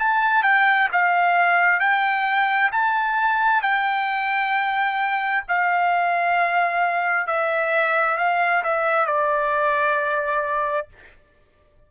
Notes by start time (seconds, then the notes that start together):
0.00 A5
0.43 G5
0.93 F5
1.80 G5
2.72 A5
3.62 G5
5.49 F5
7.27 E5
8.18 F5
8.64 E5
9.07 D5